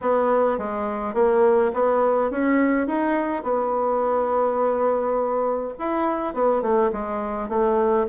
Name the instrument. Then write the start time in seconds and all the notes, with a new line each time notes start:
bassoon
0.01 B3
0.58 G#3
1.14 A#3
1.73 B3
2.31 C#4
2.87 D#4
3.43 B3
5.78 E4
6.33 B3
6.62 A3
6.92 G#3
7.48 A3